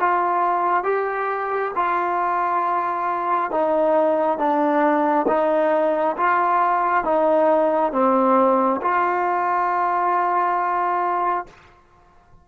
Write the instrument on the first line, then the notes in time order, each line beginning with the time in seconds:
trombone
0.00 F4
0.84 G4
1.76 F4
3.51 D#4
4.39 D4
5.28 D#4
6.18 F4
7.05 D#4
7.93 C4
8.82 F4